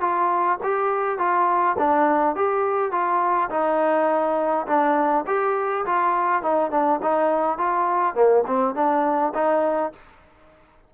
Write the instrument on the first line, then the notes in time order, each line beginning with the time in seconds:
trombone
0.00 F4
0.63 G4
1.18 F4
1.78 D4
2.35 G4
2.91 F4
3.50 D#4
4.66 D4
5.26 G4
5.85 F4
6.42 D#4
6.70 D4
7.02 D#4
7.58 F4
8.14 A#3
8.47 C4
8.74 D4
9.34 D#4